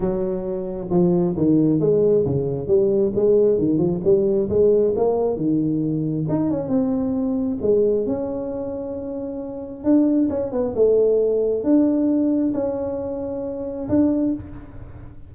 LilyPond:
\new Staff \with { instrumentName = "tuba" } { \time 4/4 \tempo 4 = 134 fis2 f4 dis4 | gis4 cis4 g4 gis4 | dis8 f8 g4 gis4 ais4 | dis2 dis'8 cis'8 c'4~ |
c'4 gis4 cis'2~ | cis'2 d'4 cis'8 b8 | a2 d'2 | cis'2. d'4 | }